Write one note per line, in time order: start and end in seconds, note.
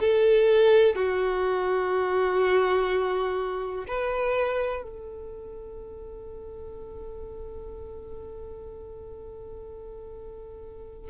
0.00 0.95 A4
0.95 3.85 F#4
3.87 4.82 B4
4.82 11.09 A4